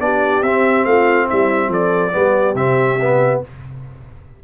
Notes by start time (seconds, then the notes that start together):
0.00 B3 D4 G4 D5
0.42 C4 E5
0.85 A3 F4 F5
1.27 G3 E4 E5
1.68 F3 A4 D5
2.12 G3 B3 G4
2.55 C3 C4 E5
3.01 B3